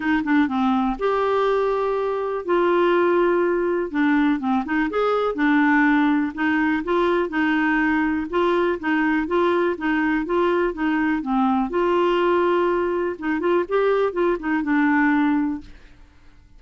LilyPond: \new Staff \with { instrumentName = "clarinet" } { \time 4/4 \tempo 4 = 123 dis'8 d'8 c'4 g'2~ | g'4 f'2. | d'4 c'8 dis'8 gis'4 d'4~ | d'4 dis'4 f'4 dis'4~ |
dis'4 f'4 dis'4 f'4 | dis'4 f'4 dis'4 c'4 | f'2. dis'8 f'8 | g'4 f'8 dis'8 d'2 | }